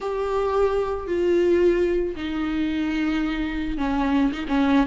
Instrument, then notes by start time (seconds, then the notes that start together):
viola
0.00 G4
1.07 F4
2.15 D#4
3.77 C#4
4.32 D#4
4.47 C#4